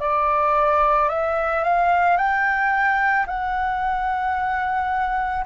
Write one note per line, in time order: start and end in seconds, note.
0.00 1.09 D5
1.10 1.64 E5
1.64 2.17 F5
2.17 3.26 G5
3.27 5.45 F#5